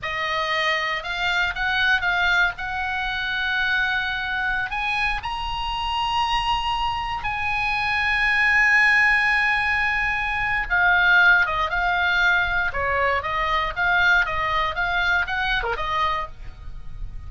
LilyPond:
\new Staff \with { instrumentName = "oboe" } { \time 4/4 \tempo 4 = 118 dis''2 f''4 fis''4 | f''4 fis''2.~ | fis''4~ fis''16 gis''4 ais''4.~ ais''16~ | ais''2~ ais''16 gis''4.~ gis''16~ |
gis''1~ | gis''4 f''4. dis''8 f''4~ | f''4 cis''4 dis''4 f''4 | dis''4 f''4 fis''8. ais'16 dis''4 | }